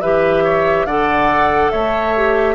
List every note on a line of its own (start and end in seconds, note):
0.00 0.85 E3
0.00 0.88 G4
0.00 0.43 B4
0.00 0.86 E5
0.43 0.86 C#5
0.85 1.71 D3
0.85 2.16 A4
0.85 1.72 D5
0.85 1.70 F#5
1.70 2.55 A3
1.70 2.55 C#5
1.70 2.55 E5
2.16 2.55 G4